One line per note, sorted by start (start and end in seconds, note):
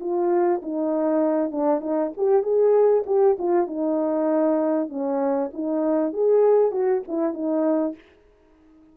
0.00 0.61 F4
0.62 1.51 D#4
1.51 1.81 D4
1.81 2.11 D#4
2.17 2.43 G4
2.43 3.04 G#4
3.06 3.37 G4
3.38 3.67 F4
3.67 4.89 D#4
4.89 5.50 C#4
5.53 6.13 D#4
6.13 6.72 G#4
6.72 7.02 F#4
7.08 7.34 E4
7.34 7.95 D#4